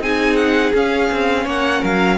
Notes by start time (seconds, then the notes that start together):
0.00 C4 D#4 G#4 G#5
0.36 F#5
0.74 C#4 F5
1.12 C4
1.44 A#3 C#5 F#5
1.80 F#3 A#4 F5